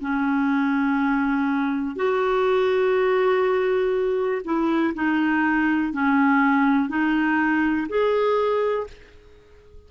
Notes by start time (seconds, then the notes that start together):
0.00 C#4
1.95 F#4
4.44 E4
4.94 D#4
5.92 C#4
6.89 D#4
7.88 G#4